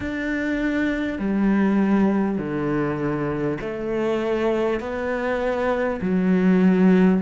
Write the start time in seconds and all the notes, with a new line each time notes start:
0.00 D4
1.18 G3
2.37 D3
3.60 A3
4.80 B3
6.01 F#3